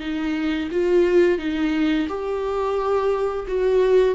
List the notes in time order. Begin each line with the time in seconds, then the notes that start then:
0.00 D#4
0.71 F4
1.39 D#4
2.08 G4
3.48 F#4